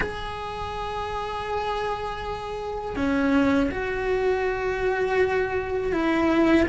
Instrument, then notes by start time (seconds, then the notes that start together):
cello
0.00 G#4
2.96 C#4
3.70 F#4
5.92 E4